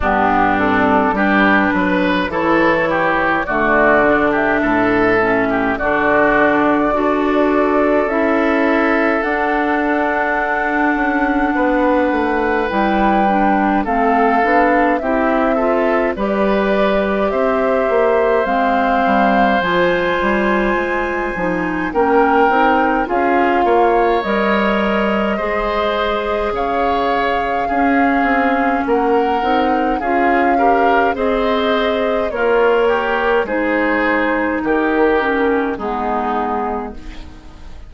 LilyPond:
<<
  \new Staff \with { instrumentName = "flute" } { \time 4/4 \tempo 4 = 52 g'8 a'8 b'4 cis''4 d''8. e''16~ | e''4 d''2 e''4 | fis''2. g''4 | f''4 e''4 d''4 e''4 |
f''4 gis''2 g''4 | f''4 dis''2 f''4~ | f''4 fis''4 f''4 dis''4 | cis''4 c''4 ais'4 gis'4 | }
  \new Staff \with { instrumentName = "oboe" } { \time 4/4 d'4 g'8 b'8 a'8 g'8 fis'8. g'16 | a'8. g'16 fis'4 a'2~ | a'2 b'2 | a'4 g'8 a'8 b'4 c''4~ |
c''2. ais'4 | gis'8 cis''4. c''4 cis''4 | gis'4 ais'4 gis'8 ais'8 c''4 | f'8 g'8 gis'4 g'4 dis'4 | }
  \new Staff \with { instrumentName = "clarinet" } { \time 4/4 b8 c'8 d'4 e'4 a8 d'8~ | d'8 cis'8 d'4 fis'4 e'4 | d'2. e'8 d'8 | c'8 d'8 e'8 f'8 g'2 |
c'4 f'4. dis'8 cis'8 dis'8 | f'4 ais'4 gis'2 | cis'4. dis'8 f'8 g'8 gis'4 | ais'4 dis'4. cis'8 b4 | }
  \new Staff \with { instrumentName = "bassoon" } { \time 4/4 g,4 g8 fis8 e4 d4 | a,4 d4 d'4 cis'4 | d'4. cis'8 b8 a8 g4 | a8 b8 c'4 g4 c'8 ais8 |
gis8 g8 f8 g8 gis8 f8 ais8 c'8 | cis'8 ais8 g4 gis4 cis4 | cis'8 c'8 ais8 c'8 cis'4 c'4 | ais4 gis4 dis4 gis4 | }
>>